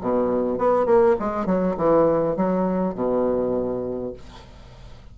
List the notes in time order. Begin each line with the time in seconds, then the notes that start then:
0.00 B2
0.58 B3
0.86 A#3
1.19 G#3
1.46 F#3
1.76 E3
2.36 F#3
2.94 B2